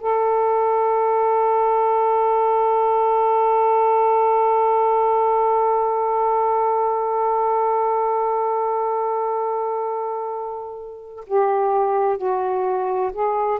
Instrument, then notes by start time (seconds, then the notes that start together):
saxophone
0.00 A4
11.27 G4
12.17 F#4
13.12 G#4